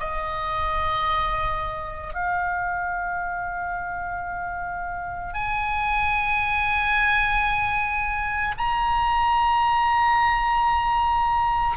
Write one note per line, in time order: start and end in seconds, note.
0.00 2.14 D#5
2.15 5.34 F5
5.34 8.55 G#5
8.58 11.78 A#5